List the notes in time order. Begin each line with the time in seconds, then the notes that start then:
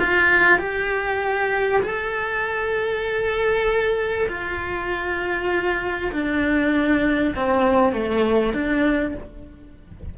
0.00 F4
0.59 G4
1.83 A4
4.29 F4
6.13 D4
7.36 C4
7.93 A3
8.54 D4